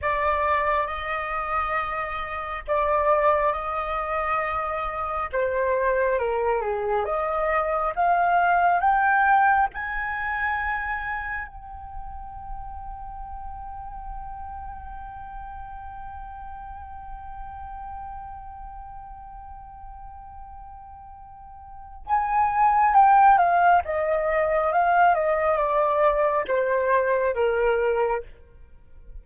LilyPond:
\new Staff \with { instrumentName = "flute" } { \time 4/4 \tempo 4 = 68 d''4 dis''2 d''4 | dis''2 c''4 ais'8 gis'8 | dis''4 f''4 g''4 gis''4~ | gis''4 g''2.~ |
g''1~ | g''1~ | g''4 gis''4 g''8 f''8 dis''4 | f''8 dis''8 d''4 c''4 ais'4 | }